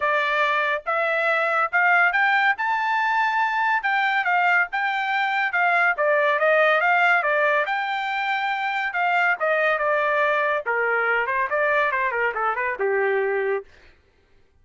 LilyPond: \new Staff \with { instrumentName = "trumpet" } { \time 4/4 \tempo 4 = 141 d''2 e''2 | f''4 g''4 a''2~ | a''4 g''4 f''4 g''4~ | g''4 f''4 d''4 dis''4 |
f''4 d''4 g''2~ | g''4 f''4 dis''4 d''4~ | d''4 ais'4. c''8 d''4 | c''8 ais'8 a'8 b'8 g'2 | }